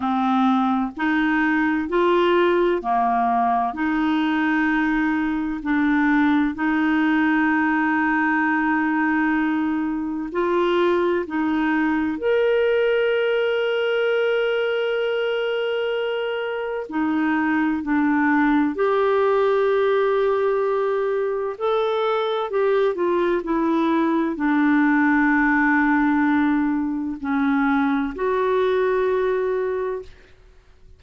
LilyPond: \new Staff \with { instrumentName = "clarinet" } { \time 4/4 \tempo 4 = 64 c'4 dis'4 f'4 ais4 | dis'2 d'4 dis'4~ | dis'2. f'4 | dis'4 ais'2.~ |
ais'2 dis'4 d'4 | g'2. a'4 | g'8 f'8 e'4 d'2~ | d'4 cis'4 fis'2 | }